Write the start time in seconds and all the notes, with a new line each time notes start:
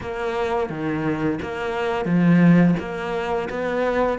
0.00 A#3
0.69 D#3
1.42 A#3
2.05 F3
2.79 A#3
3.49 B3